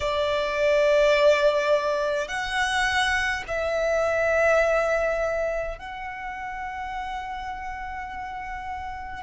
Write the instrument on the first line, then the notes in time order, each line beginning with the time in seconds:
violin
0.00 D5
2.28 F#5
3.47 E5
5.78 F#5